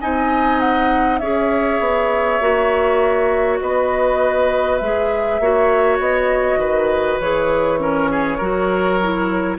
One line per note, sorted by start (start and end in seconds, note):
0.00 1.20 C4
0.00 1.21 D#4
0.00 1.20 D#5
0.00 0.59 G#5
0.59 1.18 F#5
1.18 1.79 C#4
1.18 2.41 G#4
1.18 3.60 C#5
1.18 3.58 E5
1.79 2.39 B3
2.40 3.60 A#3
2.40 4.80 F#4
3.60 4.80 B3
3.60 5.41 B4
3.60 4.77 D#5
4.77 5.39 G#3
4.77 5.42 G#4
4.77 5.97 E5
5.39 5.99 A#3
5.39 7.21 F#4
5.39 6.59 C#5
5.99 6.57 B3
5.99 7.20 D#5
6.57 7.17 D#3
6.57 7.79 B4
7.20 8.39 E3
7.20 7.79 G#4
7.20 9.58 C#5
7.79 8.38 C#4
7.79 8.10 A#4
8.10 8.37 G#4
8.37 9.58 F#3
8.37 9.00 F#4
8.37 9.57 A#4
9.02 9.58 E4